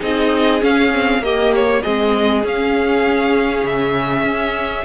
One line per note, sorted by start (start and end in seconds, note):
0.00 0.62 C4
0.00 0.60 D#4
0.00 1.21 G#4
0.00 0.63 D#5
0.60 0.91 C#4
0.60 1.19 C#4
0.60 1.23 F5
0.93 1.22 C4
1.19 1.79 A#3
1.19 1.82 A#3
1.19 1.82 G4
1.19 1.53 D#5
1.55 1.82 C#5
1.82 2.43 G#3
1.82 2.43 C4
1.82 4.84 G#4
1.82 2.43 D#5
2.43 3.63 C#4
2.43 4.84 C#4
2.43 3.66 F5
3.63 4.23 C#3
3.63 4.84 E5
4.23 4.83 C#4